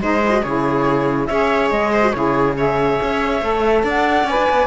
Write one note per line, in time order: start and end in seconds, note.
0.00 0.43 G#3
0.00 0.22 D#4
0.00 0.42 C5
0.00 0.43 D#5
0.24 0.31 E4
0.31 0.42 F#4
0.42 1.29 C#3
0.42 1.30 E4
0.42 1.27 G#4
0.42 1.26 C#5
1.26 1.71 C#4
1.26 2.02 G#4
1.26 1.92 C#5
1.26 1.69 E5
1.70 2.13 G#3
1.70 2.11 D#5
1.92 2.13 C5
2.02 2.13 F#4
2.11 2.99 C#3
2.11 2.55 E4
2.11 2.57 G#4
2.11 2.54 C#5
2.57 3.41 G#4
2.57 3.84 C#5
2.57 3.86 E5
3.02 3.41 C#4
3.41 3.83 A3
3.41 4.27 A4
3.83 4.24 D4
3.83 4.67 D5
3.83 4.27 F#5
4.24 4.34 C#4
4.24 4.67 B4
4.24 4.67 G#5
4.37 4.48 D4
4.49 4.67 B3